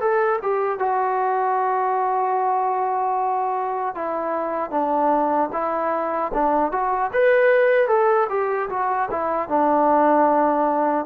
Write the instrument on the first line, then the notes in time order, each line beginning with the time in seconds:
trombone
0.00 A4
0.42 G4
0.79 F#4
3.95 E4
4.70 D4
5.53 E4
6.34 D4
6.72 F#4
7.13 B4
7.88 A4
8.30 G4
8.69 F#4
9.11 E4
9.49 D4